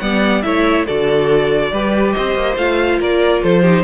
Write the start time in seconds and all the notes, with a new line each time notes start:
0.00 G3 B3 D5 F#5
0.42 A3 E4 C#5 E5
0.87 D3 F#4 A4 D5
1.72 G3 G4 B4
2.13 C4 C5 D#5
2.35 A#3
2.57 A3 F4 F5
2.99 A#3 A#4 D5
3.43 F3 A4 C5
3.62 D#4 G4